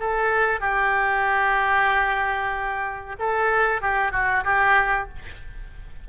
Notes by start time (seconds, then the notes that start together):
0.00 A4
0.61 G4
3.19 A4
3.82 G4
4.12 F#4
4.44 G4